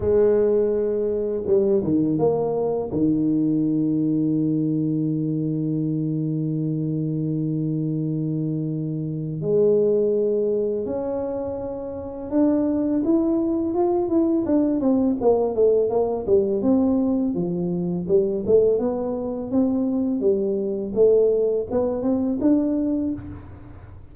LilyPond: \new Staff \with { instrumentName = "tuba" } { \time 4/4 \tempo 4 = 83 gis2 g8 dis8 ais4 | dis1~ | dis1~ | dis4 gis2 cis'4~ |
cis'4 d'4 e'4 f'8 e'8 | d'8 c'8 ais8 a8 ais8 g8 c'4 | f4 g8 a8 b4 c'4 | g4 a4 b8 c'8 d'4 | }